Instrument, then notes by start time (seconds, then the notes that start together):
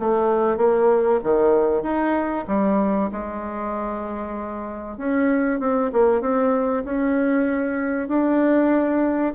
bassoon
0.00 A3
0.57 A#3
1.24 D#3
1.83 D#4
2.48 G3
3.12 G#3
4.98 C#4
5.60 C4
5.93 A#3
6.21 C4
6.85 C#4
8.09 D4